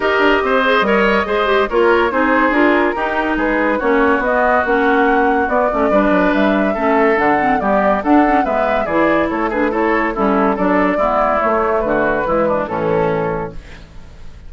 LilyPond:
<<
  \new Staff \with { instrumentName = "flute" } { \time 4/4 \tempo 4 = 142 dis''1 | cis''4 c''4 ais'2 | b'4 cis''4 dis''4 fis''4~ | fis''4 d''2 e''4~ |
e''4 fis''4 d''4 fis''4 | e''4 d''4 cis''8 b'8 cis''4 | a'4 d''2 cis''4 | b'2 a'2 | }
  \new Staff \with { instrumentName = "oboe" } { \time 4/4 ais'4 c''4 cis''4 c''4 | ais'4 gis'2 g'4 | gis'4 fis'2.~ | fis'2 b'2 |
a'2 g'4 a'4 | b'4 gis'4 a'8 gis'8 a'4 | e'4 a'4 e'2 | fis'4 e'8 d'8 cis'2 | }
  \new Staff \with { instrumentName = "clarinet" } { \time 4/4 g'4. gis'8 ais'4 gis'8 g'8 | f'4 dis'4 f'4 dis'4~ | dis'4 cis'4 b4 cis'4~ | cis'4 b8 cis'8 d'2 |
cis'4 d'8 c'8 b4 d'8 cis'8 | b4 e'4. d'8 e'4 | cis'4 d'4 b4 a4~ | a4 gis4 e2 | }
  \new Staff \with { instrumentName = "bassoon" } { \time 4/4 dis'8 d'8 c'4 g4 gis4 | ais4 c'4 d'4 dis'4 | gis4 ais4 b4 ais4~ | ais4 b8 a8 g8 fis8 g4 |
a4 d4 g4 d'4 | gis4 e4 a2 | g4 fis4 gis4 a4 | d4 e4 a,2 | }
>>